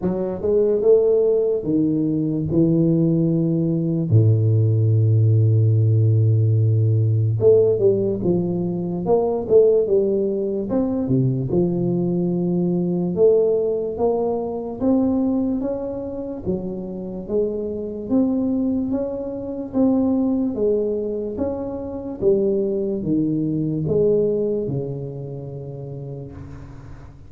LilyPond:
\new Staff \with { instrumentName = "tuba" } { \time 4/4 \tempo 4 = 73 fis8 gis8 a4 dis4 e4~ | e4 a,2.~ | a,4 a8 g8 f4 ais8 a8 | g4 c'8 c8 f2 |
a4 ais4 c'4 cis'4 | fis4 gis4 c'4 cis'4 | c'4 gis4 cis'4 g4 | dis4 gis4 cis2 | }